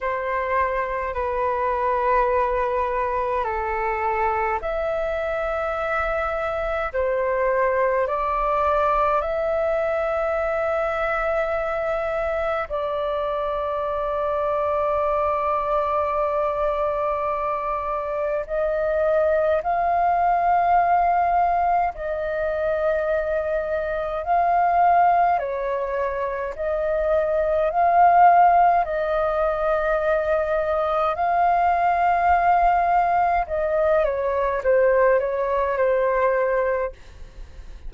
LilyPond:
\new Staff \with { instrumentName = "flute" } { \time 4/4 \tempo 4 = 52 c''4 b'2 a'4 | e''2 c''4 d''4 | e''2. d''4~ | d''1 |
dis''4 f''2 dis''4~ | dis''4 f''4 cis''4 dis''4 | f''4 dis''2 f''4~ | f''4 dis''8 cis''8 c''8 cis''8 c''4 | }